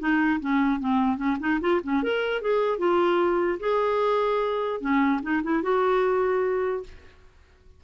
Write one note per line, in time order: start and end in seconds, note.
0.00 0.40 D#4
0.41 0.80 C#4
0.80 1.18 C4
1.18 1.38 C#4
1.40 1.60 D#4
1.61 1.81 F4
1.84 2.03 C#4
2.03 2.42 A#4
2.42 2.79 G#4
2.79 3.59 F4
3.60 4.81 G#4
4.81 5.21 C#4
5.22 5.43 D#4
5.43 5.63 E4
5.63 6.84 F#4